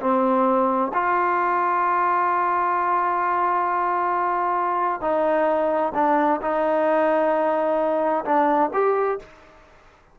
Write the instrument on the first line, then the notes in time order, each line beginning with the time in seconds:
trombone
0.00 C4
0.93 F4
5.01 D#4
5.94 D4
6.41 D#4
8.24 D4
8.73 G4